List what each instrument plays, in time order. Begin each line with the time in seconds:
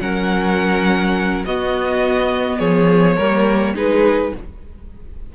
0.00 cello F#3, viola C#4, violin A#4 F#5
1.45 cello B3, viola B3, violin F#4 D#5
2.59 cello F3, violin G#4 C#5
3.16 cello G3, viola A#3, violin A#4
3.74 cello G#3, viola D#4, violin G#4 B4